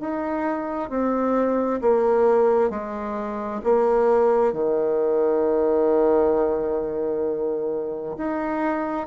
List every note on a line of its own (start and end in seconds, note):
0.00 0.90 D#4
0.90 1.81 C4
1.81 2.70 A#3
2.70 3.61 G#3
3.64 4.53 A#3
4.53 8.17 D#3
8.17 9.07 D#4